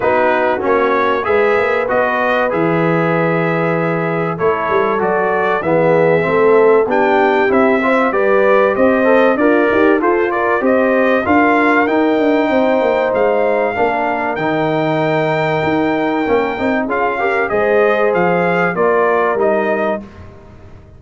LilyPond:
<<
  \new Staff \with { instrumentName = "trumpet" } { \time 4/4 \tempo 4 = 96 b'4 cis''4 e''4 dis''4 | e''2. cis''4 | d''4 e''2 g''4 | e''4 d''4 dis''4 d''4 |
c''8 d''8 dis''4 f''4 g''4~ | g''4 f''2 g''4~ | g''2. f''4 | dis''4 f''4 d''4 dis''4 | }
  \new Staff \with { instrumentName = "horn" } { \time 4/4 fis'2 b'2~ | b'2. a'4~ | a'4 gis'4 a'4 g'4~ | g'8 c''8 b'4 c''4 f'8 g'8 |
a'8 ais'8 c''4 ais'2 | c''2 ais'2~ | ais'2. gis'8 ais'8 | c''2 ais'2 | }
  \new Staff \with { instrumentName = "trombone" } { \time 4/4 dis'4 cis'4 gis'4 fis'4 | gis'2. e'4 | fis'4 b4 c'4 d'4 | e'8 f'8 g'4. a'8 ais'4 |
f'4 g'4 f'4 dis'4~ | dis'2 d'4 dis'4~ | dis'2 cis'8 dis'8 f'8 g'8 | gis'2 f'4 dis'4 | }
  \new Staff \with { instrumentName = "tuba" } { \time 4/4 b4 ais4 gis8 ais8 b4 | e2. a8 g8 | fis4 e4 a4 b4 | c'4 g4 c'4 d'8 dis'8 |
f'4 c'4 d'4 dis'8 d'8 | c'8 ais8 gis4 ais4 dis4~ | dis4 dis'4 ais8 c'8 cis'4 | gis4 f4 ais4 g4 | }
>>